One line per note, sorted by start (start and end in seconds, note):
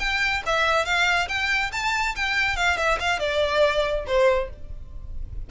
0.00 0.43 G5
0.46 0.86 E5
0.86 1.29 F5
1.29 1.72 G5
1.73 2.15 A5
2.16 2.57 G5
2.57 2.78 F5
2.78 2.99 E5
3.00 3.19 F5
3.19 4.05 D5
4.07 4.50 C5